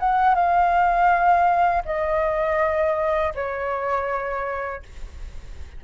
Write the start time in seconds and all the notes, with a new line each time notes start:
0.00 F#5
0.35 F5
1.86 D#5
3.35 C#5